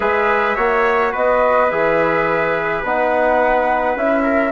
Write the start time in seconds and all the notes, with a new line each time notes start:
0.00 G#3 G#4 B4 E5
0.55 A#3 F#4 C#5
1.11 B3 B4 D#5
1.70 E3 G#4 E5
2.83 B3 D#4 F#5
3.95 C#4 E4 E5
4.23 A#4